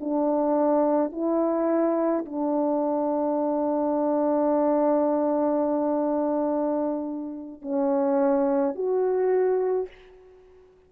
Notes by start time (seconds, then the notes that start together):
0.00 D4
1.12 E4
2.25 D4
7.62 C#4
8.75 F#4